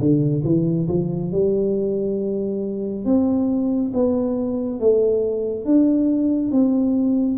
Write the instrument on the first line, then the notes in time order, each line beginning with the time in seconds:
tuba
0.00 D3
0.45 E3
0.89 F3
1.32 G3
3.06 C4
3.94 B3
4.80 A3
5.66 D4
6.52 C4